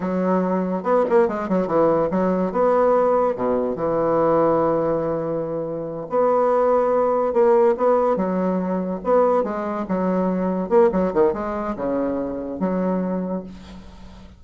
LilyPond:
\new Staff \with { instrumentName = "bassoon" } { \time 4/4 \tempo 4 = 143 fis2 b8 ais8 gis8 fis8 | e4 fis4 b2 | b,4 e2.~ | e2~ e8 b4.~ |
b4. ais4 b4 fis8~ | fis4. b4 gis4 fis8~ | fis4. ais8 fis8 dis8 gis4 | cis2 fis2 | }